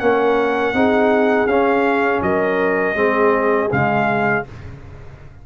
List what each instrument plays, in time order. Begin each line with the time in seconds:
0.00 tuba A#3, trombone C#4, horn A#4, trumpet F#5
0.74 tuba C4, trombone D#4, horn G#4
1.46 tuba C#4, trombone C#4, trumpet F5
2.22 tuba F#3, horn A#4, trumpet D#5
2.95 tuba G#3, trombone C4, horn G#4
3.71 tuba C#3, trombone G#3, trumpet F5